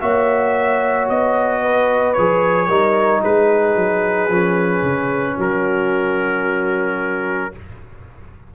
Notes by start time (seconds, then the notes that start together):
0.00 A#3 F#4 C#5 E5
1.09 B3 D#5
1.62 B4
2.13 F3 G#4 C#5
2.67 G3 D#4 A#4
3.21 G#3 G#4 B4
3.75 F#3
4.28 F3 C#4
4.83 C#3
5.35 F#3 F#4 A#4